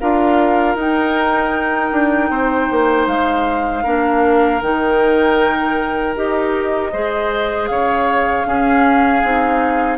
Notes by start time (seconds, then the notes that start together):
0.00 D4 F4 A#4 F5
0.76 D#4 G5
1.92 D4
2.30 C4 C5
2.71 A#3
3.07 G#3 F5
3.84 A#3 D4 A#4
4.62 D#3 D#4 G5
6.16 D#4 G4 D#5
6.93 G#3 G#4 C5
7.67 C#3 C#5 F5
8.46 C#4 G#4
9.24 C4 D#4